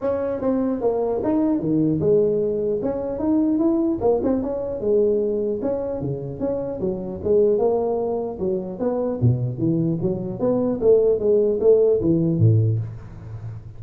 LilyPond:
\new Staff \with { instrumentName = "tuba" } { \time 4/4 \tempo 4 = 150 cis'4 c'4 ais4 dis'4 | dis4 gis2 cis'4 | dis'4 e'4 ais8 c'8 cis'4 | gis2 cis'4 cis4 |
cis'4 fis4 gis4 ais4~ | ais4 fis4 b4 b,4 | e4 fis4 b4 a4 | gis4 a4 e4 a,4 | }